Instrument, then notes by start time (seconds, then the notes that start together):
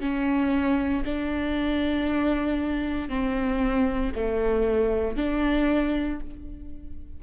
viola
0.00 C#4
1.05 D4
3.08 C4
4.15 A3
5.16 D4